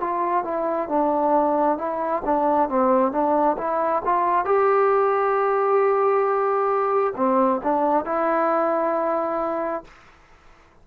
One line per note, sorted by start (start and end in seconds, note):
0.00 0.44 F4
0.44 0.88 E4
0.88 1.77 D4
1.77 2.22 E4
2.24 2.69 D4
2.69 3.11 C4
3.11 3.56 D4
3.57 4.02 E4
4.05 4.45 F4
4.45 7.14 G4
7.16 7.61 C4
7.63 8.05 D4
8.05 9.84 E4